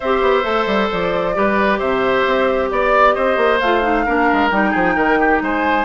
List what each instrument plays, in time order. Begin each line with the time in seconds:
0.00 bassoon C4, clarinet G4, oboe C5, flute E5
0.21 bassoon B3
0.42 bassoon A3, clarinet A4
0.66 bassoon G3
0.91 bassoon F3, flute D5
1.34 bassoon G3, clarinet G4, oboe B4
1.78 bassoon C3, oboe C5, flute E5
2.26 bassoon C4
2.70 bassoon B3, flute D5, oboe D5
3.13 bassoon C4, oboe C5, flute D#5
3.37 bassoon A#3
3.59 bassoon A3, clarinet F4, flute F5
3.82 clarinet D#4
4.05 bassoon A#3, clarinet D4, oboe A#4
4.32 bassoon G#3
4.50 bassoon G3, clarinet D#4, flute G5
4.70 bassoon F3, oboe G#4
4.95 bassoon D#3, oboe A#4
5.19 oboe G4
5.41 bassoon G#3, oboe C5, flute G#5